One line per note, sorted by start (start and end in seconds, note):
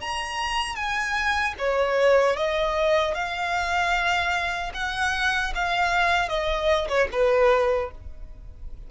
0.00 0.75 A#5
0.75 1.54 G#5
1.58 2.36 C#5
2.36 3.14 D#5
3.14 4.72 F5
4.74 5.53 F#5
5.54 6.28 F5
6.28 6.88 D#5
6.88 7.08 C#5
7.12 7.91 B4